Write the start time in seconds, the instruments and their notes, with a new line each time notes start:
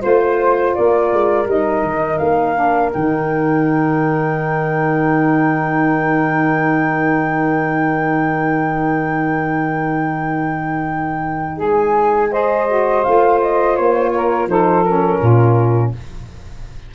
0.00 tuba A3, saxophone F4 C5, flute C5
0.75 tuba A#3, saxophone A#4, flute D5
1.13 tuba G#3
1.46 tuba G3, saxophone D#4, flute D#5
1.83 tuba D#3
2.18 tuba A#3, flute F5
2.55 saxophone D4
2.93 tuba D#3, saxophone D#4, flute G5
11.57 tuba G#3, saxophone G#4
11.64 flute G#5
12.31 saxophone G#4 C5, flute D#5
12.68 saxophone F#4
13.04 tuba A3, saxophone F4, flute F5
13.41 flute D#5
13.76 tuba A#3, flute C#5
14.15 saxophone A#4
14.47 tuba F3, saxophone D#4 A4, flute C5
14.84 saxophone C#4, flute A#4
15.20 tuba A#2, saxophone F4